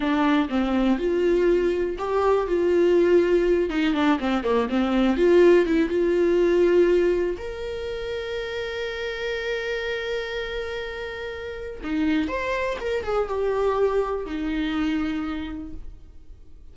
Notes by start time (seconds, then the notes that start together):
0.00 D4
0.49 C4
0.98 F4
1.98 G4
2.47 F4
3.69 D#4
3.94 D4
4.19 C4
4.43 A#3
4.69 C4
5.16 F4
5.66 E4
5.89 F4
7.38 A#4
11.83 D#4
12.28 C5
12.80 A#4
13.03 G#4
13.28 G4
14.26 D#4